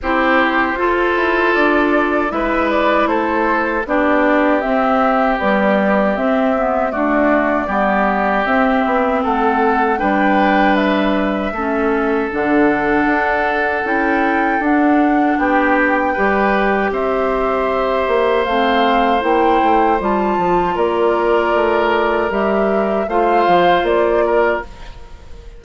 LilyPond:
<<
  \new Staff \with { instrumentName = "flute" } { \time 4/4 \tempo 4 = 78 c''2 d''4 e''8 d''8 | c''4 d''4 e''4 d''4 | e''4 d''2 e''4 | fis''4 g''4 e''2 |
fis''2 g''4 fis''4 | g''2 e''2 | f''4 g''4 a''4 d''4~ | d''4 e''4 f''4 d''4 | }
  \new Staff \with { instrumentName = "oboe" } { \time 4/4 g'4 a'2 b'4 | a'4 g'2.~ | g'4 fis'4 g'2 | a'4 b'2 a'4~ |
a'1 | g'4 b'4 c''2~ | c''2. ais'4~ | ais'2 c''4. ais'8 | }
  \new Staff \with { instrumentName = "clarinet" } { \time 4/4 e'4 f'2 e'4~ | e'4 d'4 c'4 g4 | c'8 b8 a4 b4 c'4~ | c'4 d'2 cis'4 |
d'2 e'4 d'4~ | d'4 g'2. | c'4 e'4 f'2~ | f'4 g'4 f'2 | }
  \new Staff \with { instrumentName = "bassoon" } { \time 4/4 c'4 f'8 e'8 d'4 gis4 | a4 b4 c'4 b4 | c'4 d'4 g4 c'8 b8 | a4 g2 a4 |
d4 d'4 cis'4 d'4 | b4 g4 c'4. ais8 | a4 ais8 a8 g8 f8 ais4 | a4 g4 a8 f8 ais4 | }
>>